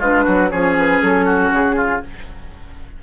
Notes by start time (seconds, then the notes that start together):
0.00 G#3 D4 F4 B4
0.25 F#3 F#4
0.50 F3 C#4 G#4 C#5
0.78 B4
1.02 F#3 A4
1.26 F#4
1.52 C#3 G#4
1.77 F4